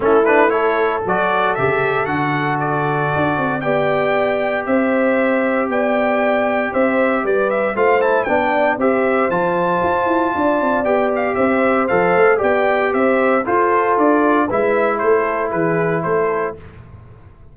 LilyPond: <<
  \new Staff \with { instrumentName = "trumpet" } { \time 4/4 \tempo 4 = 116 a'8 b'8 cis''4 d''4 e''4 | fis''4 d''2 g''4~ | g''4 e''2 g''4~ | g''4 e''4 d''8 e''8 f''8 a''8 |
g''4 e''4 a''2~ | a''4 g''8 f''8 e''4 f''4 | g''4 e''4 c''4 d''4 | e''4 c''4 b'4 c''4 | }
  \new Staff \with { instrumentName = "horn" } { \time 4/4 e'4 a'2.~ | a'2. d''4~ | d''4 c''2 d''4~ | d''4 c''4 b'4 c''4 |
d''4 c''2. | d''2 c''2 | d''4 c''4 a'2 | b'4 a'4 gis'4 a'4 | }
  \new Staff \with { instrumentName = "trombone" } { \time 4/4 cis'8 d'8 e'4 fis'4 g'4 | fis'2. g'4~ | g'1~ | g'2. f'8 e'8 |
d'4 g'4 f'2~ | f'4 g'2 a'4 | g'2 f'2 | e'1 | }
  \new Staff \with { instrumentName = "tuba" } { \time 4/4 a2 fis4 cis4 | d2 d'8 c'8 b4~ | b4 c'2 b4~ | b4 c'4 g4 a4 |
b4 c'4 f4 f'8 e'8 | d'8 c'8 b4 c'4 f8 a8 | b4 c'4 f'4 d'4 | gis4 a4 e4 a4 | }
>>